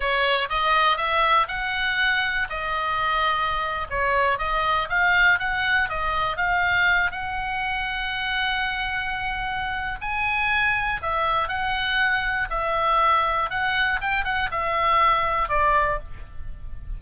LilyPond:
\new Staff \with { instrumentName = "oboe" } { \time 4/4 \tempo 4 = 120 cis''4 dis''4 e''4 fis''4~ | fis''4 dis''2~ dis''8. cis''16~ | cis''8. dis''4 f''4 fis''4 dis''16~ | dis''8. f''4. fis''4.~ fis''16~ |
fis''1 | gis''2 e''4 fis''4~ | fis''4 e''2 fis''4 | g''8 fis''8 e''2 d''4 | }